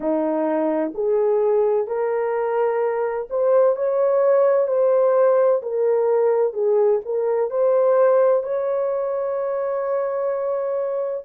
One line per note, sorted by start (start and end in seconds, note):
0.00 0.92 D#4
0.94 1.87 G#4
1.87 3.28 A#4
3.30 3.76 C5
3.76 4.67 C#5
4.67 5.61 C5
5.62 6.53 A#4
6.53 7.00 G#4
7.05 7.50 A#4
7.50 8.43 C5
8.43 11.24 C#5